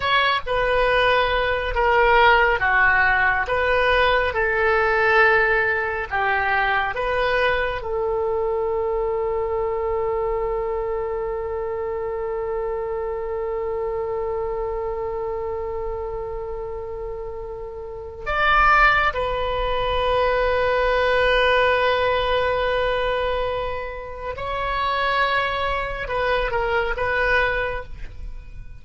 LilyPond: \new Staff \with { instrumentName = "oboe" } { \time 4/4 \tempo 4 = 69 cis''8 b'4. ais'4 fis'4 | b'4 a'2 g'4 | b'4 a'2.~ | a'1~ |
a'1~ | a'4 d''4 b'2~ | b'1 | cis''2 b'8 ais'8 b'4 | }